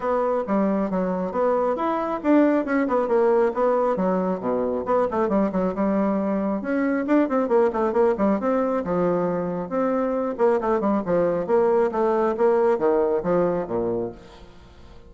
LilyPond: \new Staff \with { instrumentName = "bassoon" } { \time 4/4 \tempo 4 = 136 b4 g4 fis4 b4 | e'4 d'4 cis'8 b8 ais4 | b4 fis4 b,4 b8 a8 | g8 fis8 g2 cis'4 |
d'8 c'8 ais8 a8 ais8 g8 c'4 | f2 c'4. ais8 | a8 g8 f4 ais4 a4 | ais4 dis4 f4 ais,4 | }